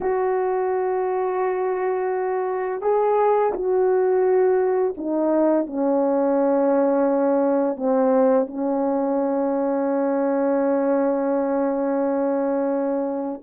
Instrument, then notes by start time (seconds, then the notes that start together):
horn
0.00 F#4
2.81 G#4
3.53 F#4
4.97 D#4
5.66 C#4
7.76 C4
8.46 C#4